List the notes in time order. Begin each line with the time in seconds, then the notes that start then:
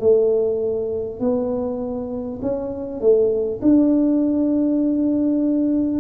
0.00 A3
1.20 B3
2.42 C#4
3.01 A3
3.62 D4